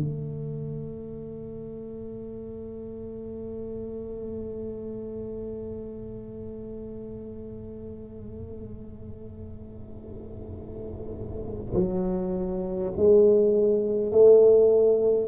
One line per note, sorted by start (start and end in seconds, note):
0.00 11.75 A3
11.75 12.93 F#3
12.97 14.12 G#3
14.12 15.28 A3